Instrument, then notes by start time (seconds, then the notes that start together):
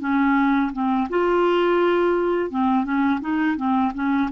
clarinet
0.00 C#4
0.72 C4
1.09 F4
2.50 C4
2.84 C#4
3.21 D#4
3.56 C4
3.94 C#4